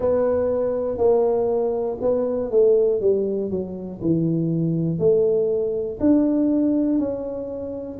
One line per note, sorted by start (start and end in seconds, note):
0.00 0.97 B3
0.97 1.97 A#3
2.00 2.50 B3
2.50 3.00 A3
3.00 3.50 G3
3.50 4.00 F#3
4.00 4.99 E3
4.99 5.99 A3
6.00 6.98 D4
6.98 7.98 C#4